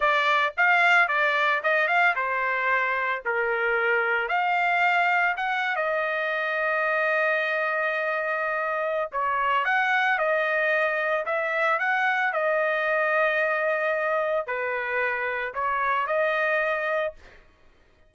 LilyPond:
\new Staff \with { instrumentName = "trumpet" } { \time 4/4 \tempo 4 = 112 d''4 f''4 d''4 dis''8 f''8 | c''2 ais'2 | f''2 fis''8. dis''4~ dis''16~ | dis''1~ |
dis''4 cis''4 fis''4 dis''4~ | dis''4 e''4 fis''4 dis''4~ | dis''2. b'4~ | b'4 cis''4 dis''2 | }